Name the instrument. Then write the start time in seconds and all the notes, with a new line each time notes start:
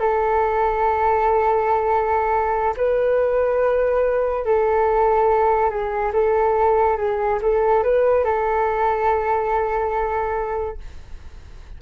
flute
0.00 A4
2.77 B4
4.46 A4
5.70 G#4
6.13 A4
6.98 G#4
7.43 A4
7.83 B4
8.25 A4